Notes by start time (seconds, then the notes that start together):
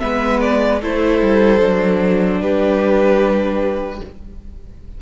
0.00 G#3 B3 B4 E5
0.41 D5
0.81 A3 E4 A4 C5
1.22 G3
1.60 F#3 D4
2.41 G3 G4 B4